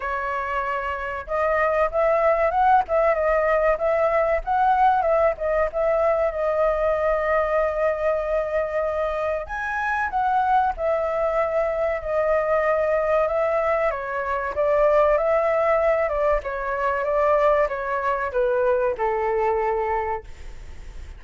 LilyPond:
\new Staff \with { instrumentName = "flute" } { \time 4/4 \tempo 4 = 95 cis''2 dis''4 e''4 | fis''8 e''8 dis''4 e''4 fis''4 | e''8 dis''8 e''4 dis''2~ | dis''2. gis''4 |
fis''4 e''2 dis''4~ | dis''4 e''4 cis''4 d''4 | e''4. d''8 cis''4 d''4 | cis''4 b'4 a'2 | }